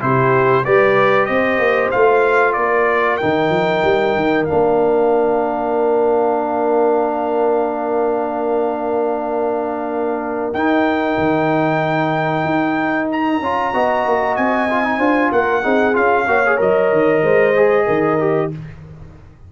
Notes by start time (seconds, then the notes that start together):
0.00 C3 E4 G4 C5
0.64 G3 G4 B4 D5
1.25 C4 C5 D#5
1.58 A#3
1.91 A3 F4 F5
2.53 A#3 A#4 D5
3.16 D#4 G5
3.23 D#3
3.49 F3
3.84 G3
4.15 D#3
4.44 D4 F5
4.51 A#3
10.53 D#4 G5
11.17 D#3
12.44 D#4
13.11 A#5
13.41 C#4 F4
13.72 B3 F#4 D#5
14.05 A#3
14.36 C4 G#5
14.70 F4
14.83 D#4
14.98 D4 F4 C5
15.32 A#3 A#4 F#5
15.62 C4 D#4 G#4
15.93 C#4 F4 F5
16.27 A#3 F#4 C#5
16.46 G#4
16.57 F#3 A#4 D#5
16.92 D#3
17.22 G#3 C5
17.55 G#4
17.86 D#3 A#4
18.19 G4